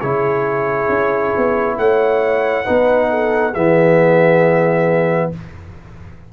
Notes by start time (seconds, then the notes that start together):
0.00 C#3 E4 G#4 C#5
0.89 C#4
1.37 B3
1.78 A3 C#5 F#5
2.65 B3 D#4 B4
3.10 A4
3.52 E3 B3 G#4 E5